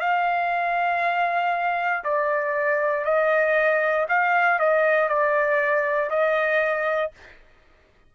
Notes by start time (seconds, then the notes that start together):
0.00 F5
2.04 D5
3.05 D#5
4.08 F5
4.59 D#5
5.08 D5
6.10 D#5